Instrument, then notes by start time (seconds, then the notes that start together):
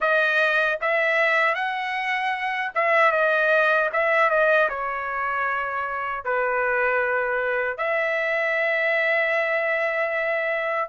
trumpet
0.00 D#5
0.81 E5
1.54 F#5
2.74 E5
3.11 D#5
3.92 E5
4.30 D#5
4.69 C#5
6.24 B4
7.77 E5